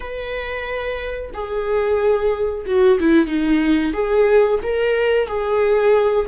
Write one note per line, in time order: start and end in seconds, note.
0.00 1.31 B4
1.33 2.65 G#4
2.66 2.99 F#4
3.00 3.26 E4
3.26 3.92 D#4
3.93 4.59 G#4
4.62 5.27 A#4
5.27 6.25 G#4